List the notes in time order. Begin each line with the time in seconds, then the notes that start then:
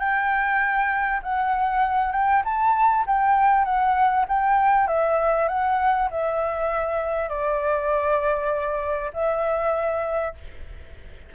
0.00 G5
1.23 F#5
2.13 G5
2.45 A5
3.07 G5
3.65 F#5
4.29 G5
4.88 E5
5.49 F#5
6.11 E5
7.30 D5
9.14 E5